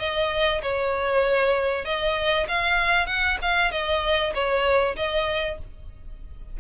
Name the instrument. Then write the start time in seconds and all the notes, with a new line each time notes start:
violin
0.00 D#5
0.62 C#5
1.85 D#5
2.49 F5
3.07 F#5
3.42 F5
3.72 D#5
4.35 C#5
4.97 D#5